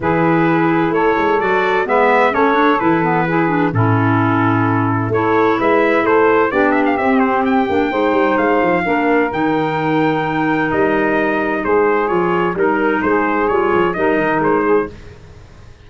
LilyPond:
<<
  \new Staff \with { instrumentName = "trumpet" } { \time 4/4 \tempo 4 = 129 b'2 cis''4 d''4 | e''4 cis''4 b'2 | a'2. cis''4 | e''4 c''4 d''8 e''16 f''16 e''8 c''8 |
g''2 f''2 | g''2. dis''4~ | dis''4 c''4 cis''4 ais'4 | c''4 cis''4 dis''4 c''4 | }
  \new Staff \with { instrumentName = "saxophone" } { \time 4/4 gis'2 a'2 | b'4 a'2 gis'4 | e'2. a'4 | b'4 a'4 g'2~ |
g'4 c''2 ais'4~ | ais'1~ | ais'4 gis'2 ais'4 | gis'2 ais'4. gis'8 | }
  \new Staff \with { instrumentName = "clarinet" } { \time 4/4 e'2. fis'4 | b4 cis'8 d'8 e'8 b8 e'8 d'8 | cis'2. e'4~ | e'2 d'4 c'4~ |
c'8 d'8 dis'2 d'4 | dis'1~ | dis'2 f'4 dis'4~ | dis'4 f'4 dis'2 | }
  \new Staff \with { instrumentName = "tuba" } { \time 4/4 e2 a8 gis8 fis4 | gis4 a4 e2 | a,2. a4 | gis4 a4 b4 c'4~ |
c'8 ais8 gis8 g8 gis8 f8 ais4 | dis2. g4~ | g4 gis4 f4 g4 | gis4 g8 f8 g8 dis8 gis4 | }
>>